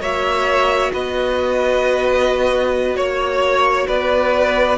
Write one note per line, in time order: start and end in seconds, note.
0.00 0.91 A#3
0.00 4.77 F#4
0.00 0.92 C#5
0.00 0.92 E5
0.93 2.97 B3
0.93 2.97 B4
0.93 2.96 D#5
2.96 3.87 A#3
2.96 3.87 C#5
3.87 4.77 B3
3.87 4.77 B4
3.87 4.77 D5